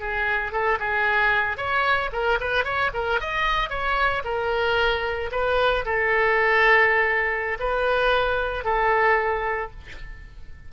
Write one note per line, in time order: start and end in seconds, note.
0.00 0.52 G#4
0.52 0.78 A4
0.79 1.57 G#4
1.57 2.10 C#5
2.12 2.38 A#4
2.40 2.64 B4
2.64 2.91 C#5
2.93 3.20 A#4
3.20 3.69 D#5
3.69 4.22 C#5
4.24 5.30 A#4
5.31 5.84 B4
5.85 7.58 A4
7.59 8.64 B4
8.64 9.70 A4